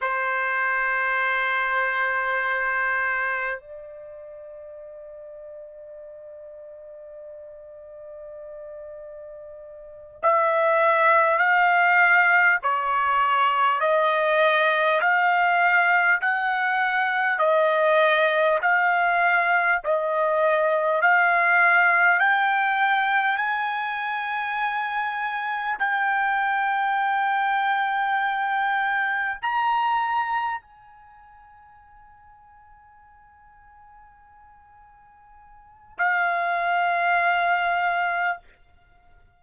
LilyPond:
\new Staff \with { instrumentName = "trumpet" } { \time 4/4 \tempo 4 = 50 c''2. d''4~ | d''1~ | d''8 e''4 f''4 cis''4 dis''8~ | dis''8 f''4 fis''4 dis''4 f''8~ |
f''8 dis''4 f''4 g''4 gis''8~ | gis''4. g''2~ g''8~ | g''8 ais''4 gis''2~ gis''8~ | gis''2 f''2 | }